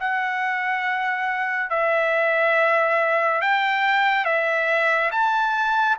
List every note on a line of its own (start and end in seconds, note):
0.00 1.70 F#5
1.70 3.41 E5
3.42 4.25 G5
4.25 5.11 E5
5.12 5.97 A5